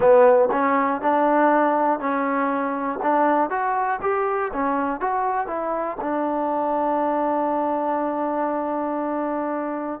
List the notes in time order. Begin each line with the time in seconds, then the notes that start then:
0.00 B3
0.51 C#4
1.00 D4
2.00 C#4
3.02 D4
3.50 F#4
4.01 G4
4.53 C#4
5.00 F#4
5.47 E4
6.00 D4